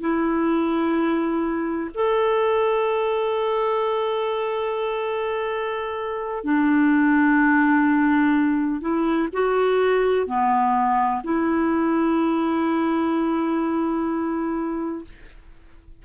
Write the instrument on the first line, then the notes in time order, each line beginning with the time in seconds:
clarinet
0.00 E4
1.94 A4
6.44 D4
8.81 E4
9.32 F#4
10.26 B3
11.23 E4